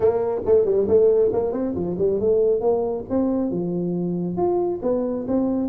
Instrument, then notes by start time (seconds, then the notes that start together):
tuba
0.00 A#3
0.45 A3
0.65 G3
0.88 A3
1.32 A#3
1.52 C4
1.74 F3
1.97 G3
2.20 A3
2.60 A#3
3.09 C4
3.50 F3
4.36 F4
4.82 B3
5.27 C4